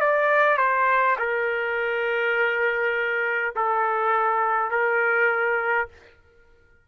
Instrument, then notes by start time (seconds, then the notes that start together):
trumpet
0.00 D5
0.58 C5
1.19 A#4
3.56 A4
4.71 A#4